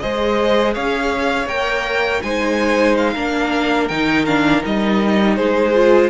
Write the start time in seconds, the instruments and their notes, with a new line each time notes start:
0.00 cello G#3, viola G#4, violin C5 D#5
0.74 cello C#4, violin C#5 F5
1.47 cello A#3, viola A#4, violin G5
2.23 cello G#3, viola D#4, violin C5 G#5
2.97 violin F5
3.14 cello A#3, viola D4, violin A#4
3.89 cello D#3, viola D#4, violin G5
4.26 viola D4, violin F5
4.62 cello G3, viola D#4, violin D#5
5.36 cello G#3, violin G#4 C5
5.74 viola F4